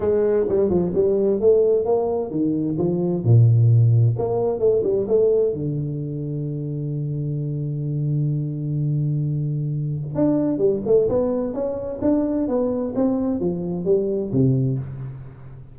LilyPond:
\new Staff \with { instrumentName = "tuba" } { \time 4/4 \tempo 4 = 130 gis4 g8 f8 g4 a4 | ais4 dis4 f4 ais,4~ | ais,4 ais4 a8 g8 a4 | d1~ |
d1~ | d2 d'4 g8 a8 | b4 cis'4 d'4 b4 | c'4 f4 g4 c4 | }